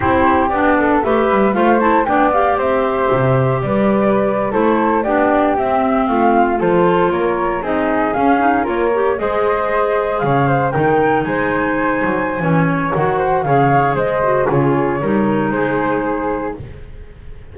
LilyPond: <<
  \new Staff \with { instrumentName = "flute" } { \time 4/4 \tempo 4 = 116 c''4 d''4 e''4 f''8 a''8 | g''8 f''8 e''2 d''4~ | d''8. c''4 d''4 e''4 f''16~ | f''8. c''4 cis''4 dis''4 f''16~ |
f''8. cis''4 dis''2 f''16~ | f''8. g''4 gis''2~ gis''16~ | gis''4 fis''4 f''4 dis''4 | cis''2 c''2 | }
  \new Staff \with { instrumentName = "flute" } { \time 4/4 g'4. a'8 b'4 c''4 | d''4 c''2 b'4~ | b'8. a'4 g'2 f'16~ | f'8. a'4 ais'4 gis'4~ gis'16~ |
gis'8. ais'4 c''2 cis''16~ | cis''16 c''8 ais'4 c''2~ c''16 | cis''4. c''8 cis''4 c''4 | gis'4 ais'4 gis'2 | }
  \new Staff \with { instrumentName = "clarinet" } { \time 4/4 e'4 d'4 g'4 f'8 e'8 | d'8 g'2.~ g'8~ | g'8. e'4 d'4 c'4~ c'16~ | c'8. f'2 dis'4 cis'16~ |
cis'16 dis'8 f'8 g'8 gis'2~ gis'16~ | gis'8. dis'2.~ dis'16 | cis'4 fis'4 gis'4. fis'8 | f'4 dis'2. | }
  \new Staff \with { instrumentName = "double bass" } { \time 4/4 c'4 b4 a8 g8 a4 | b4 c'4 c4 g4~ | g8. a4 b4 c'4 a16~ | a8. f4 ais4 c'4 cis'16~ |
cis'8. ais4 gis2 cis16~ | cis8. dis4 gis4. fis8. | e4 dis4 cis4 gis4 | cis4 g4 gis2 | }
>>